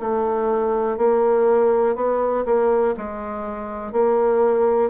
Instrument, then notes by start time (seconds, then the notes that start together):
bassoon
0.00 A3
0.97 A#3
1.96 B3
2.45 A#3
2.97 G#3
3.93 A#3